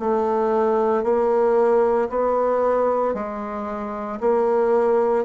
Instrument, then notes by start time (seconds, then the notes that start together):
bassoon
0.00 A3
1.04 A#3
2.10 B3
3.15 G#3
4.21 A#3